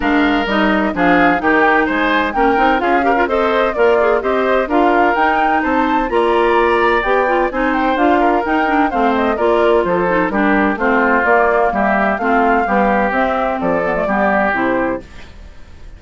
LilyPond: <<
  \new Staff \with { instrumentName = "flute" } { \time 4/4 \tempo 4 = 128 f''4 dis''4 f''4 g''4 | gis''4 g''4 f''4 dis''4 | d''4 dis''4 f''4 g''4 | a''4 ais''2 g''4 |
gis''8 g''8 f''4 g''4 f''8 dis''8 | d''4 c''4 ais'4 c''4 | d''4 e''4 f''2 | e''4 d''2 c''4 | }
  \new Staff \with { instrumentName = "oboe" } { \time 4/4 ais'2 gis'4 g'4 | c''4 ais'4 gis'8 ais'8 c''4 | f'4 c''4 ais'2 | c''4 d''2. |
c''4. ais'4. c''4 | ais'4 a'4 g'4 f'4~ | f'4 g'4 f'4 g'4~ | g'4 a'4 g'2 | }
  \new Staff \with { instrumentName = "clarinet" } { \time 4/4 d'4 dis'4 d'4 dis'4~ | dis'4 cis'8 dis'8 f'8 g'16 f'16 a'4 | ais'8 gis'8 g'4 f'4 dis'4~ | dis'4 f'2 g'8 f'8 |
dis'4 f'4 dis'8 d'8 c'4 | f'4. dis'8 d'4 c'4 | ais2 c'4 g4 | c'4. b16 a16 b4 e'4 | }
  \new Staff \with { instrumentName = "bassoon" } { \time 4/4 gis4 g4 f4 dis4 | gis4 ais8 c'8 cis'4 c'4 | ais4 c'4 d'4 dis'4 | c'4 ais2 b4 |
c'4 d'4 dis'4 a4 | ais4 f4 g4 a4 | ais4 g4 a4 b4 | c'4 f4 g4 c4 | }
>>